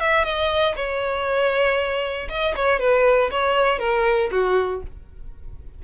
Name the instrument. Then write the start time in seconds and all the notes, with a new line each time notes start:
violin
0.00 E5
0.24 D#5
0.76 C#5
2.29 D#5
2.56 C#5
2.79 B4
3.31 C#5
3.79 A#4
4.31 F#4